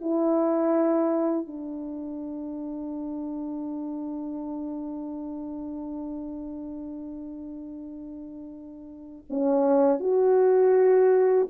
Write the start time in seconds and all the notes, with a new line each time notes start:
0.00 E4
1.47 D4
9.29 C#4
9.99 F#4